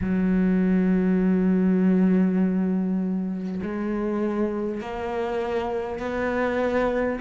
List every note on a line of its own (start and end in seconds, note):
0.01 3.61 F#3
3.62 4.80 G#3
4.80 5.99 A#3
5.99 7.19 B3